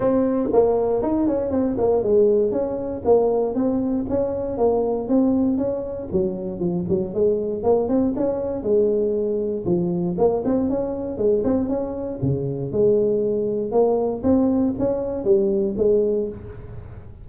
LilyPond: \new Staff \with { instrumentName = "tuba" } { \time 4/4 \tempo 4 = 118 c'4 ais4 dis'8 cis'8 c'8 ais8 | gis4 cis'4 ais4 c'4 | cis'4 ais4 c'4 cis'4 | fis4 f8 fis8 gis4 ais8 c'8 |
cis'4 gis2 f4 | ais8 c'8 cis'4 gis8 c'8 cis'4 | cis4 gis2 ais4 | c'4 cis'4 g4 gis4 | }